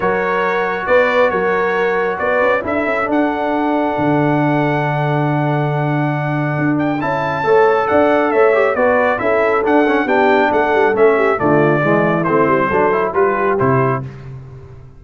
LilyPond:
<<
  \new Staff \with { instrumentName = "trumpet" } { \time 4/4 \tempo 4 = 137 cis''2 d''4 cis''4~ | cis''4 d''4 e''4 fis''4~ | fis''1~ | fis''2.~ fis''8 g''8 |
a''2 fis''4 e''4 | d''4 e''4 fis''4 g''4 | fis''4 e''4 d''2 | c''2 b'4 c''4 | }
  \new Staff \with { instrumentName = "horn" } { \time 4/4 ais'2 b'4 ais'4~ | ais'4 b'4 a'2~ | a'1~ | a'1~ |
a'4 cis''4 d''4 cis''4 | b'4 a'2 g'4 | a'4. g'8 f'4 e'4~ | e'4 a'4 g'2 | }
  \new Staff \with { instrumentName = "trombone" } { \time 4/4 fis'1~ | fis'2 e'4 d'4~ | d'1~ | d'1 |
e'4 a'2~ a'8 g'8 | fis'4 e'4 d'8 cis'8 d'4~ | d'4 cis'4 a4 gis4 | c'4 d'8 e'8 f'4 e'4 | }
  \new Staff \with { instrumentName = "tuba" } { \time 4/4 fis2 b4 fis4~ | fis4 b8 cis'8 d'8 cis'8 d'4~ | d'4 d2.~ | d2. d'4 |
cis'4 a4 d'4 a4 | b4 cis'4 d'4 b4 | a8 g8 a4 d4 e4 | a8 g8 fis4 g4 c4 | }
>>